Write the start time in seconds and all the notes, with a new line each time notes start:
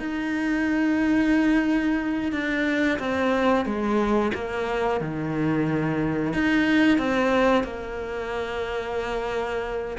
0.00 D#4
2.32 D4
2.99 C4
3.65 G#3
4.34 A#3
5.01 D#3
6.33 D#4
6.98 C4
7.64 A#3